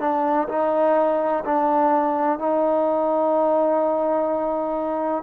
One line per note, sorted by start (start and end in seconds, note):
0.00 0.48 D4
0.48 1.44 D#4
1.45 2.39 D4
2.39 5.23 D#4